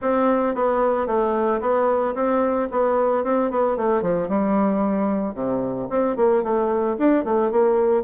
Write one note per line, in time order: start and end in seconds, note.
0.01 0.55 C4
0.55 1.07 B3
1.07 1.60 A3
1.60 2.14 B3
2.14 2.68 C4
2.71 3.24 B3
3.24 3.50 C4
3.50 3.76 B3
3.76 4.02 A3
4.02 4.28 F3
4.28 5.34 G3
5.34 5.88 C3
5.89 6.16 C4
6.16 6.43 A#3
6.43 6.96 A3
6.98 7.24 D4
7.24 7.51 A3
7.51 8.03 A#3